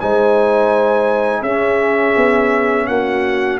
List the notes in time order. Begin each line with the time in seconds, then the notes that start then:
0.00 G#3 D#4 C5 G#5
1.42 C#4 G#4 E5
2.16 B3
2.87 A#3 F#4 F#5